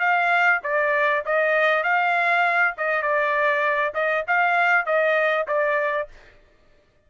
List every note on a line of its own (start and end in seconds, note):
0.00 0.61 F5
0.64 1.24 D5
1.26 1.84 D#5
1.84 2.75 F5
2.78 3.02 D#5
3.02 3.93 D5
3.95 4.25 D#5
4.28 4.86 F5
4.86 5.47 D#5
5.48 6.08 D5